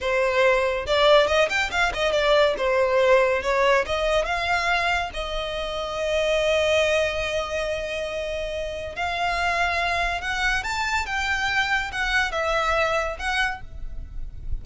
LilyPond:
\new Staff \with { instrumentName = "violin" } { \time 4/4 \tempo 4 = 141 c''2 d''4 dis''8 g''8 | f''8 dis''8 d''4 c''2 | cis''4 dis''4 f''2 | dis''1~ |
dis''1~ | dis''4 f''2. | fis''4 a''4 g''2 | fis''4 e''2 fis''4 | }